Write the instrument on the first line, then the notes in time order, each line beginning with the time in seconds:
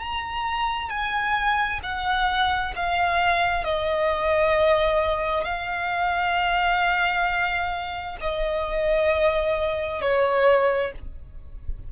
violin
0.00 A#5
0.90 G#5
1.83 F#5
2.76 F5
3.65 D#5
5.45 F5
8.21 D#5
10.02 C#5